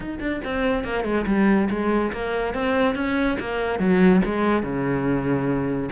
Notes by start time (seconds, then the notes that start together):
0.00 D#4
0.19 D4
0.44 C4
0.84 A#3
1.04 G#3
1.26 G3
1.70 G#3
2.12 A#3
2.54 C4
2.95 C#4
3.39 A#3
3.79 F#3
4.24 G#3
4.62 C#3